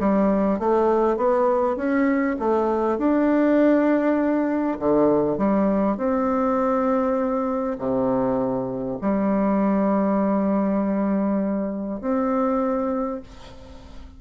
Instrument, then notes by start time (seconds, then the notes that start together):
bassoon
0.00 G3
0.60 A3
1.17 B3
1.77 C#4
2.40 A3
2.98 D4
4.79 D3
5.38 G3
5.98 C4
7.79 C3
9.02 G3
12.01 C4